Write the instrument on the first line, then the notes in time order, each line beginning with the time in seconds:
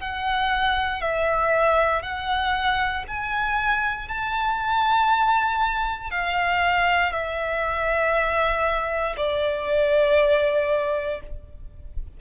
violin
0.00 F#5
1.01 E5
2.02 F#5
3.07 G#5
4.09 A5
6.11 F5
7.12 E5
9.17 D5